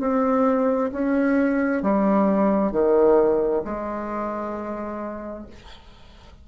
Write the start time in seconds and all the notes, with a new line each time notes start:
0.00 C4
0.92 C#4
1.82 G3
2.71 D#3
3.64 G#3